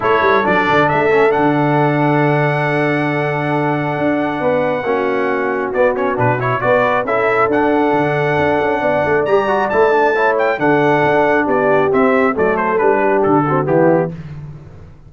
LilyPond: <<
  \new Staff \with { instrumentName = "trumpet" } { \time 4/4 \tempo 4 = 136 cis''4 d''4 e''4 fis''4~ | fis''1~ | fis''1~ | fis''4 d''8 cis''8 b'8 cis''8 d''4 |
e''4 fis''2.~ | fis''4 ais''4 a''4. g''8 | fis''2 d''4 e''4 | d''8 c''8 b'4 a'4 g'4 | }
  \new Staff \with { instrumentName = "horn" } { \time 4/4 a'1~ | a'1~ | a'2 b'4 fis'4~ | fis'2. b'4 |
a'1 | d''2. cis''4 | a'2 g'2 | a'4. g'4 fis'8 e'4 | }
  \new Staff \with { instrumentName = "trombone" } { \time 4/4 e'4 d'4. cis'8 d'4~ | d'1~ | d'2. cis'4~ | cis'4 b8 cis'8 d'8 e'8 fis'4 |
e'4 d'2.~ | d'4 g'8 fis'8 e'8 d'8 e'4 | d'2. c'4 | a4 d'4. c'8 b4 | }
  \new Staff \with { instrumentName = "tuba" } { \time 4/4 a8 g8 fis8 d8 a4 d4~ | d1~ | d4 d'4 b4 ais4~ | ais4 b4 b,4 b4 |
cis'4 d'4 d4 d'8 cis'8 | b8 a8 g4 a2 | d4 d'4 b4 c'4 | fis4 g4 d4 e4 | }
>>